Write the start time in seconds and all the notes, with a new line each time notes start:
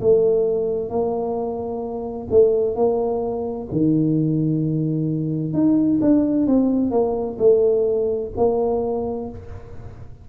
0.00 A3
0.89 A#3
2.30 A3
2.75 A#3
3.71 D#3
5.53 D#4
6.01 D4
6.47 C4
6.91 A#3
7.38 A3
8.36 A#3